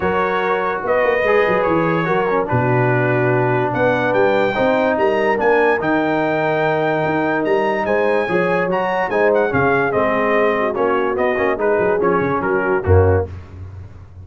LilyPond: <<
  \new Staff \with { instrumentName = "trumpet" } { \time 4/4 \tempo 4 = 145 cis''2 dis''2 | cis''2 b'2~ | b'4 fis''4 g''2 | ais''4 gis''4 g''2~ |
g''2 ais''4 gis''4~ | gis''4 ais''4 gis''8 fis''8 f''4 | dis''2 cis''4 dis''4 | b'4 cis''4 ais'4 fis'4 | }
  \new Staff \with { instrumentName = "horn" } { \time 4/4 ais'2 b'2~ | b'4 ais'4 fis'2~ | fis'4 b'2 c''4 | ais'1~ |
ais'2. c''4 | cis''2 c''4 gis'4~ | gis'4. fis'2~ fis'8 | gis'2 fis'4 cis'4 | }
  \new Staff \with { instrumentName = "trombone" } { \time 4/4 fis'2. gis'4~ | gis'4 fis'8 cis'8 d'2~ | d'2. dis'4~ | dis'4 d'4 dis'2~ |
dis'1 | gis'4 fis'4 dis'4 cis'4 | c'2 cis'4 b8 cis'8 | dis'4 cis'2 ais4 | }
  \new Staff \with { instrumentName = "tuba" } { \time 4/4 fis2 b8 ais8 gis8 fis8 | e4 fis4 b,2~ | b,4 b4 g4 c'4 | g4 ais4 dis2~ |
dis4 dis'4 g4 gis4 | f4 fis4 gis4 cis4 | gis2 ais4 b8 ais8 | gis8 fis8 f8 cis8 fis4 fis,4 | }
>>